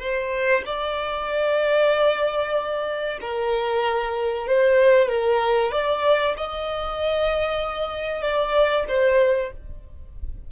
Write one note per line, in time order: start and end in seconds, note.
0.00 0.63 C5
0.66 3.19 D5
3.21 4.47 A#4
4.47 5.08 C5
5.08 5.72 A#4
5.72 6.35 D5
6.37 8.22 D#5
8.22 8.85 D5
8.88 9.51 C5